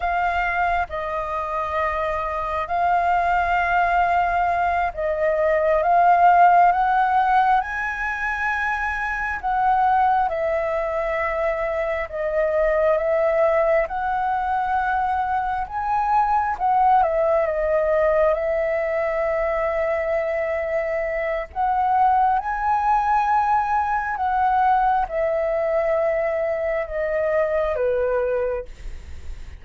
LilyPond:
\new Staff \with { instrumentName = "flute" } { \time 4/4 \tempo 4 = 67 f''4 dis''2 f''4~ | f''4. dis''4 f''4 fis''8~ | fis''8 gis''2 fis''4 e''8~ | e''4. dis''4 e''4 fis''8~ |
fis''4. gis''4 fis''8 e''8 dis''8~ | dis''8 e''2.~ e''8 | fis''4 gis''2 fis''4 | e''2 dis''4 b'4 | }